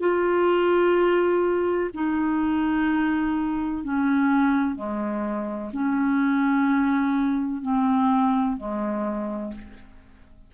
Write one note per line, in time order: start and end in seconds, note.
0.00 1.90 F4
1.94 3.84 D#4
3.84 4.76 C#4
4.76 5.71 G#3
5.73 7.62 C#4
7.62 8.57 C4
8.58 9.53 G#3